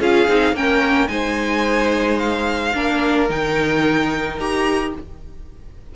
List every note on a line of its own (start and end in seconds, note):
0.00 0.28 C#4
0.00 0.28 F4
0.00 0.55 G#4
0.00 0.56 F5
0.28 0.53 C4
0.28 0.55 D#4
0.53 1.08 A#3
0.53 1.08 C#4
0.53 1.10 A#4
0.53 1.08 G5
1.08 2.74 G#3
1.08 2.73 D#4
1.08 2.75 C5
1.08 2.18 G#5
2.18 3.28 F5
2.74 3.29 A#3
2.74 3.29 D4
2.74 4.96 A#4
3.29 4.37 D#3
3.29 4.39 D#4
3.29 4.39 G5
4.37 4.93 D#4
4.37 4.95 G4
4.37 4.94 A#5